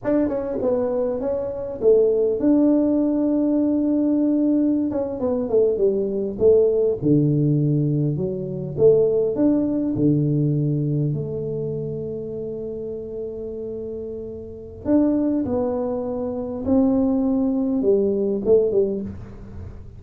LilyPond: \new Staff \with { instrumentName = "tuba" } { \time 4/4 \tempo 4 = 101 d'8 cis'8 b4 cis'4 a4 | d'1~ | d'16 cis'8 b8 a8 g4 a4 d16~ | d4.~ d16 fis4 a4 d'16~ |
d'8. d2 a4~ a16~ | a1~ | a4 d'4 b2 | c'2 g4 a8 g8 | }